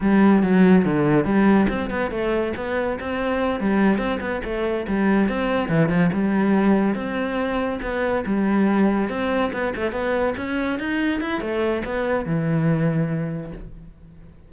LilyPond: \new Staff \with { instrumentName = "cello" } { \time 4/4 \tempo 4 = 142 g4 fis4 d4 g4 | c'8 b8 a4 b4 c'4~ | c'8 g4 c'8 b8 a4 g8~ | g8 c'4 e8 f8 g4.~ |
g8 c'2 b4 g8~ | g4. c'4 b8 a8 b8~ | b8 cis'4 dis'4 e'8 a4 | b4 e2. | }